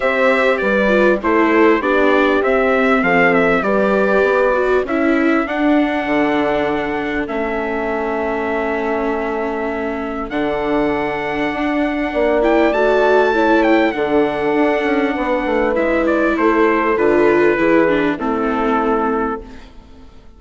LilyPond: <<
  \new Staff \with { instrumentName = "trumpet" } { \time 4/4 \tempo 4 = 99 e''4 d''4 c''4 d''4 | e''4 f''8 e''8 d''2 | e''4 fis''2. | e''1~ |
e''4 fis''2.~ | fis''8 g''8 a''4. g''8 fis''4~ | fis''2 e''8 d''8 c''4 | b'2 a'2 | }
  \new Staff \with { instrumentName = "horn" } { \time 4/4 c''4 b'4 a'4 g'4~ | g'4 a'4 b'2 | a'1~ | a'1~ |
a'1 | d''2 cis''4 a'4~ | a'4 b'2 a'4~ | a'4 gis'4 e'2 | }
  \new Staff \with { instrumentName = "viola" } { \time 4/4 g'4. f'8 e'4 d'4 | c'2 g'4. fis'8 | e'4 d'2. | cis'1~ |
cis'4 d'2.~ | d'8 e'8 fis'4 e'4 d'4~ | d'2 e'2 | f'4 e'8 d'8 c'2 | }
  \new Staff \with { instrumentName = "bassoon" } { \time 4/4 c'4 g4 a4 b4 | c'4 f4 g4 b4 | cis'4 d'4 d2 | a1~ |
a4 d2 d'4 | ais4 a2 d4 | d'8 cis'8 b8 a8 gis4 a4 | d4 e4 a2 | }
>>